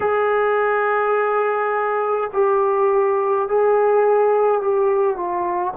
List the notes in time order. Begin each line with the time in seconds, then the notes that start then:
0.00 G#4
2.32 G4
3.48 G#4
4.61 G4
5.16 F4